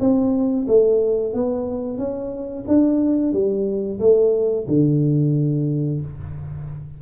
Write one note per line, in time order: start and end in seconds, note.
0.00 0.67 C4
0.68 1.34 A3
1.34 1.98 B3
1.98 2.65 C#4
2.68 3.33 D4
3.33 4.00 G3
4.00 4.67 A3
4.68 6.01 D3